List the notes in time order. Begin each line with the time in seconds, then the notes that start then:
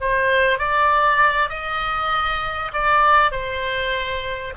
0.00 C5
0.58 D5
1.49 D#5
2.72 D5
3.31 C5